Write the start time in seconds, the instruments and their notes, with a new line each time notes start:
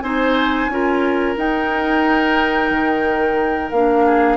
0.00 bassoon C4, clarinet D#4, oboe C5, flute G#5
0.68 bassoon C#4, clarinet F4, oboe A#4
1.36 clarinet D#4, bassoon D#4, flute G5
2.70 bassoon D#3
3.71 bassoon A#3, clarinet D4, flute F5
4.06 oboe G#4